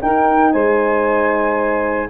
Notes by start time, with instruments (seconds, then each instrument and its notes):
0.00 tuba D#4, horn D#4, saxophone A#4, flute G5
0.52 tuba G#3, saxophone C5, flute G#5